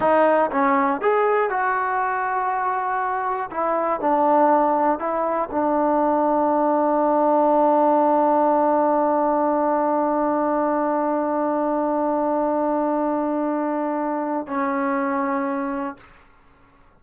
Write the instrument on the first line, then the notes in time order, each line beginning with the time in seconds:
trombone
0.00 D#4
0.51 C#4
1.01 G#4
1.50 F#4
3.50 E4
4.00 D4
4.99 E4
5.51 D4
14.47 C#4